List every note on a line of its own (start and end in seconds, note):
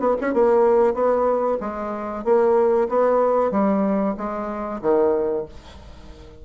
0.00 0.16 B3
0.21 0.34 C#4
0.34 0.95 A#3
0.95 1.58 B3
1.61 2.25 G#3
2.25 2.89 A#3
2.89 3.52 B3
3.52 4.15 G3
4.18 4.81 G#3
4.82 5.46 D#3